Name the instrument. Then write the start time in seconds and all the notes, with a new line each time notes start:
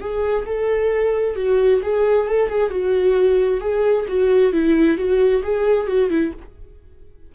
viola
0.00 G#4
0.46 A4
1.35 F#4
1.82 G#4
2.27 A4
2.49 G#4
2.70 F#4
3.60 G#4
4.08 F#4
4.52 E4
4.97 F#4
5.43 G#4
5.87 F#4
6.09 E4